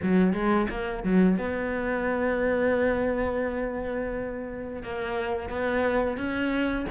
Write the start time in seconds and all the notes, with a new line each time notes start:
0.02 F#3
0.33 G#3
0.69 A#3
1.03 F#3
1.38 B3
4.82 A#3
5.49 B3
6.17 C#4